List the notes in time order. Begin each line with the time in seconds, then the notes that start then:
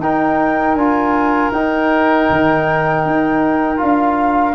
0.00 D#4 A#4 G5
0.75 D4 F4 G#5
1.52 D#4 G5
2.30 D#3
3.06 D#4
3.78 D4 F4 F5